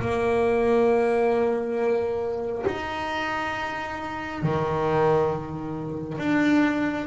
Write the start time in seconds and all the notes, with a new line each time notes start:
0.00 A#3
2.67 D#4
4.43 D#3
6.19 D4